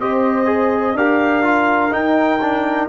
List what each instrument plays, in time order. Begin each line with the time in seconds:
0.00 tuba C4, trombone G4, horn C5, trumpet D#5
0.46 trombone G#4
0.94 tuba D4, trombone G4, horn A#4, trumpet F5
1.43 trombone F4
1.91 trombone D#4, tuba D#4, trumpet G5
2.42 trombone D4